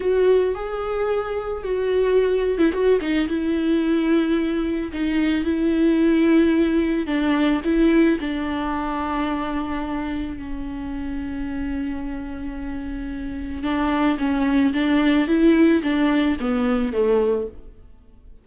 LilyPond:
\new Staff \with { instrumentName = "viola" } { \time 4/4 \tempo 4 = 110 fis'4 gis'2 fis'4~ | fis'8. e'16 fis'8 dis'8 e'2~ | e'4 dis'4 e'2~ | e'4 d'4 e'4 d'4~ |
d'2. cis'4~ | cis'1~ | cis'4 d'4 cis'4 d'4 | e'4 d'4 b4 a4 | }